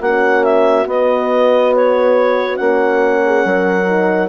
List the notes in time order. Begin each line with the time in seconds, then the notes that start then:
0.00 A#3 C#4 F#4 F#5
0.43 E5
0.86 B3 D#5
1.75 C#5
2.54 A#3 C#4 F#5
3.25 G#4
3.44 F#3 A#4
3.86 D#4